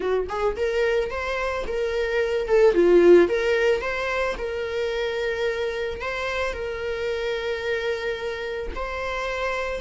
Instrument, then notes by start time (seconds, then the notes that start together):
viola
0.00 F#4
0.29 G#4
0.56 A#4
1.10 C5
1.67 A#4
2.47 A4
2.74 F4
3.28 A#4
3.81 C5
4.37 A#4
6.01 C5
6.53 A#4
8.75 C5